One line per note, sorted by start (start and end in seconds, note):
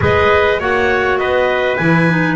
0.00 0.60 G#3
0.00 0.57 G#4
0.00 0.59 B4
0.00 0.61 D#5
0.59 1.18 A#3
0.59 1.78 F#4
0.59 1.18 C#5
0.59 1.18 F#5
1.18 1.78 B3
1.18 2.36 B4
1.18 1.76 D#5
1.76 2.36 E3
1.76 2.08 E4
1.76 2.35 G#5
2.08 2.36 D#4